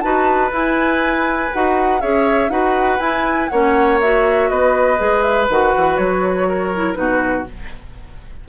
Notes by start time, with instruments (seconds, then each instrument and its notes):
0.00 bassoon D#4, clarinet F#4, oboe B4, flute A5
0.50 clarinet E4, bassoon E4, flute G#5
1.53 bassoon D#4, clarinet F#4, flute F#5
2.01 bassoon C#4, clarinet G#4, oboe C#5, flute E5
2.49 bassoon D#4, clarinet F#4, oboe B4, flute F#5
2.99 bassoon E4, clarinet E4, flute G#5
3.49 bassoon A#3, clarinet C#4, oboe C#5, flute F#5
4.01 clarinet F#4, flute E5
4.49 bassoon B3, oboe B4, flute D#5
4.97 bassoon G#3, clarinet G#4
5.22 flute E5
5.49 bassoon D#3, clarinet F#4, flute F#5
5.77 bassoon E3
5.96 bassoon F#3, flute C#5
6.48 oboe A#4
6.74 clarinet E4
6.94 bassoon B2, clarinet D#4, oboe F#4, flute B4